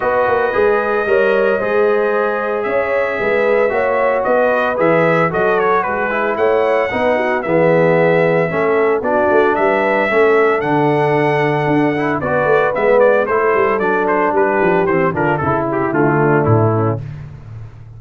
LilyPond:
<<
  \new Staff \with { instrumentName = "trumpet" } { \time 4/4 \tempo 4 = 113 dis''1~ | dis''4 e''2. | dis''4 e''4 dis''8 cis''8 b'4 | fis''2 e''2~ |
e''4 d''4 e''2 | fis''2. d''4 | e''8 d''8 c''4 d''8 c''8 b'4 | c''8 ais'8 a'8 g'8 f'4 e'4 | }
  \new Staff \with { instrumentName = "horn" } { \time 4/4 b'2 cis''4 c''4~ | c''4 cis''4 b'4 cis''4 | b'2 a'4 gis'4 | cis''4 b'8 fis'8 gis'2 |
a'4 fis'4 b'4 a'4~ | a'2. b'4~ | b'4 a'2 g'4~ | g'8 f'8 e'4. d'4 cis'8 | }
  \new Staff \with { instrumentName = "trombone" } { \time 4/4 fis'4 gis'4 ais'4 gis'4~ | gis'2. fis'4~ | fis'4 gis'4 fis'4. e'8~ | e'4 dis'4 b2 |
cis'4 d'2 cis'4 | d'2~ d'8 e'8 fis'4 | b4 e'4 d'2 | c'8 d'8 e'4 a2 | }
  \new Staff \with { instrumentName = "tuba" } { \time 4/4 b8 ais8 gis4 g4 gis4~ | gis4 cis'4 gis4 ais4 | b4 e4 fis4 gis4 | a4 b4 e2 |
a4 b8 a8 g4 a4 | d2 d'4 b8 a8 | gis4 a8 g8 fis4 g8 f8 | e8 d8 cis4 d4 a,4 | }
>>